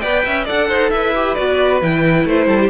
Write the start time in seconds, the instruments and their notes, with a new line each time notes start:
0.00 cello B3, viola B4, violin D5 G5
0.25 cello C#4, violin E5
0.45 cello D4, viola A4, violin D5 F#5
0.69 cello D#4, violin C5
0.90 cello E4, violin B4 E5
1.15 viola G4
1.35 cello B3, viola F#4, violin D5
1.82 cello E3, viola E4, violin G5
2.25 cello A3, violin C5
2.47 cello G3, violin A4
2.60 violin G4